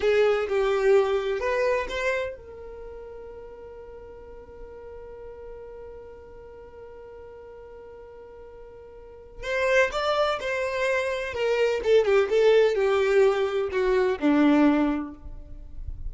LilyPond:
\new Staff \with { instrumentName = "violin" } { \time 4/4 \tempo 4 = 127 gis'4 g'2 b'4 | c''4 ais'2.~ | ais'1~ | ais'1~ |
ais'1 | c''4 d''4 c''2 | ais'4 a'8 g'8 a'4 g'4~ | g'4 fis'4 d'2 | }